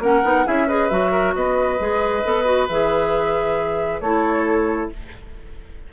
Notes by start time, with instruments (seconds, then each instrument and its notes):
0.00 bassoon A#3, clarinet C#4, oboe A#4, flute F#5
0.24 bassoon B3, clarinet D#4
0.45 bassoon C#4, clarinet E4, oboe G#4, flute E5
0.68 clarinet G#4, oboe B4, flute D#5
0.90 bassoon F#3, clarinet F#4, flute E5
1.12 oboe A#4
1.35 bassoon B3, oboe B4, flute D#5
1.79 bassoon G#3, clarinet G#4
2.24 bassoon B3, clarinet A4
2.45 clarinet F#4
2.69 bassoon E3, clarinet G#4, flute E5
4.01 bassoon A3, clarinet E4, oboe A4, flute C#5